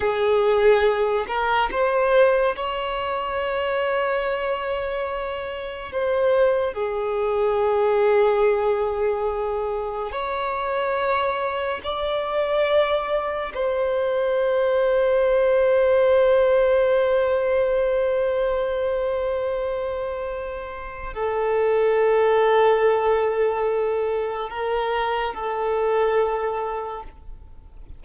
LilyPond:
\new Staff \with { instrumentName = "violin" } { \time 4/4 \tempo 4 = 71 gis'4. ais'8 c''4 cis''4~ | cis''2. c''4 | gis'1 | cis''2 d''2 |
c''1~ | c''1~ | c''4 a'2.~ | a'4 ais'4 a'2 | }